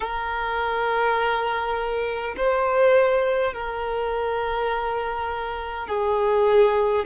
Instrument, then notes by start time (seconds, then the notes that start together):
violin
0.00 A#4
2.36 C5
3.53 A#4
5.87 G#4